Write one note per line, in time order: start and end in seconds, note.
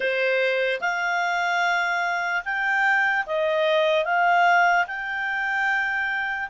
0.00 0.80 C5
0.80 2.43 F5
2.44 3.25 G5
3.26 4.04 D#5
4.04 4.85 F5
4.86 6.49 G5